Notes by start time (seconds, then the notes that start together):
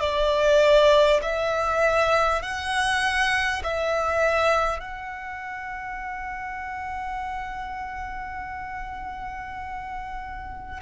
0.00 D5
1.22 E5
2.42 F#5
3.63 E5
4.79 F#5